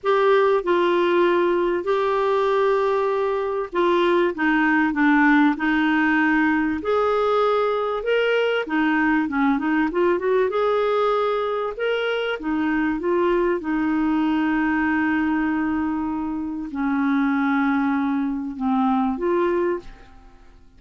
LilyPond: \new Staff \with { instrumentName = "clarinet" } { \time 4/4 \tempo 4 = 97 g'4 f'2 g'4~ | g'2 f'4 dis'4 | d'4 dis'2 gis'4~ | gis'4 ais'4 dis'4 cis'8 dis'8 |
f'8 fis'8 gis'2 ais'4 | dis'4 f'4 dis'2~ | dis'2. cis'4~ | cis'2 c'4 f'4 | }